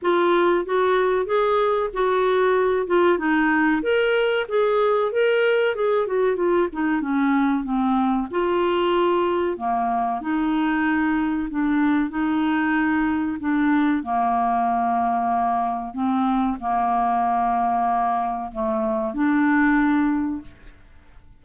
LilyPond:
\new Staff \with { instrumentName = "clarinet" } { \time 4/4 \tempo 4 = 94 f'4 fis'4 gis'4 fis'4~ | fis'8 f'8 dis'4 ais'4 gis'4 | ais'4 gis'8 fis'8 f'8 dis'8 cis'4 | c'4 f'2 ais4 |
dis'2 d'4 dis'4~ | dis'4 d'4 ais2~ | ais4 c'4 ais2~ | ais4 a4 d'2 | }